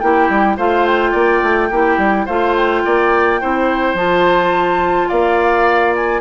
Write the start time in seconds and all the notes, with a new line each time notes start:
0.00 A#3 E4 G4 G5
0.29 G3
0.57 A3 F4 C5 F5
0.87 G5
1.12 A#3 D5
1.43 A3
1.70 A#3 E4 G4
1.98 G3
2.26 A3 F4 C5 F5
2.56 G5
2.85 A#3 D5
3.41 C4 E4 C5
3.94 F3 F4 A5
5.09 A#3 D5 F5
5.96 G#5